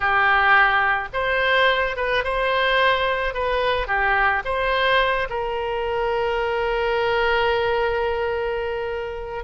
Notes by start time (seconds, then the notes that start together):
0.00 G4
1.13 C5
1.96 B4
2.24 C5
3.33 B4
3.87 G4
4.44 C5
5.29 A#4